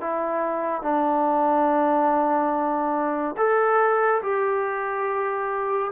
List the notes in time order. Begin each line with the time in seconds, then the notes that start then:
0.00 E4
0.82 D4
3.37 A4
4.22 G4